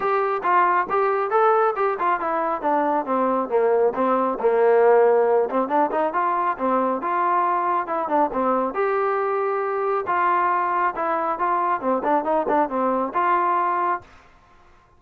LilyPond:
\new Staff \with { instrumentName = "trombone" } { \time 4/4 \tempo 4 = 137 g'4 f'4 g'4 a'4 | g'8 f'8 e'4 d'4 c'4 | ais4 c'4 ais2~ | ais8 c'8 d'8 dis'8 f'4 c'4 |
f'2 e'8 d'8 c'4 | g'2. f'4~ | f'4 e'4 f'4 c'8 d'8 | dis'8 d'8 c'4 f'2 | }